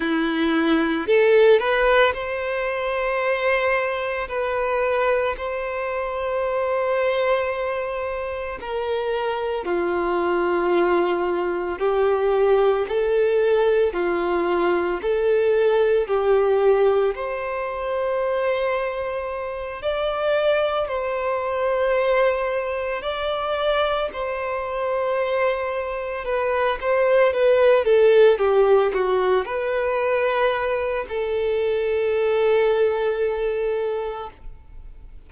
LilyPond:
\new Staff \with { instrumentName = "violin" } { \time 4/4 \tempo 4 = 56 e'4 a'8 b'8 c''2 | b'4 c''2. | ais'4 f'2 g'4 | a'4 f'4 a'4 g'4 |
c''2~ c''8 d''4 c''8~ | c''4. d''4 c''4.~ | c''8 b'8 c''8 b'8 a'8 g'8 fis'8 b'8~ | b'4 a'2. | }